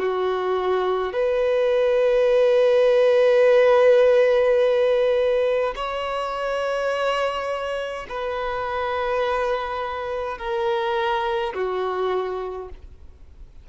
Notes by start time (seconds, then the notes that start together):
0.00 F#4
1.13 B4
5.76 C#5
8.09 B4
10.38 A#4
11.54 F#4